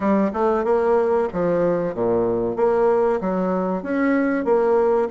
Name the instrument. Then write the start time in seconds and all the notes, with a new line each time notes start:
bassoon
0.00 G3
0.33 A3
0.64 A#3
1.32 F3
1.94 A#2
2.56 A#3
3.21 F#3
3.82 C#4
4.44 A#3